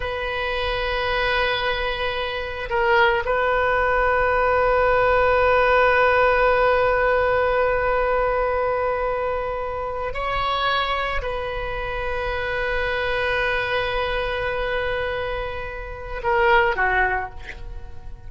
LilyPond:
\new Staff \with { instrumentName = "oboe" } { \time 4/4 \tempo 4 = 111 b'1~ | b'4 ais'4 b'2~ | b'1~ | b'1~ |
b'2~ b'8. cis''4~ cis''16~ | cis''8. b'2.~ b'16~ | b'1~ | b'2 ais'4 fis'4 | }